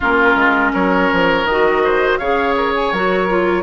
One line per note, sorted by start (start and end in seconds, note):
0.00 0.35 A#3
0.00 1.47 C#4
0.00 0.71 F4
0.00 0.73 A#4
0.35 0.72 G#3
0.73 1.11 F#3
0.73 1.82 A#4
0.73 1.46 C#5
1.12 1.44 F3
1.44 2.18 D#3
1.44 2.21 F#4
1.44 2.18 D#5
1.84 2.19 C5
2.18 2.92 C#3
2.18 2.94 G#4
2.18 3.63 C#5
2.18 2.54 F5
2.56 2.74 A#4
2.74 2.92 G#5
2.92 3.63 F#3
2.92 3.28 F#4
2.92 3.63 A#4
3.28 3.63 F4